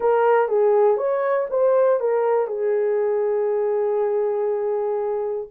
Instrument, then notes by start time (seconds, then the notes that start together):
horn
0.00 A#4
0.48 G#4
0.97 C#5
1.50 C5
2.00 A#4
2.47 G#4